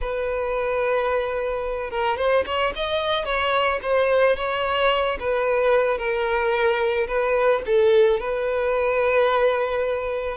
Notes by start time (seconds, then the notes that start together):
0.01 B4
1.90 A#4
2.17 C5
2.46 C#5
2.75 D#5
3.25 C#5
3.82 C5
4.36 C#5
5.19 B4
5.98 A#4
7.07 B4
7.66 A4
8.20 B4